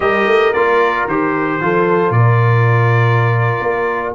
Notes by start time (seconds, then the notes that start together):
0.00 G3 G4 A#4 D#5
0.26 A3
0.53 A#3 F4 D5
1.06 D#3 G4 C5
1.61 F3 F4 A4
2.10 A#2 A#4 D5
3.60 A#3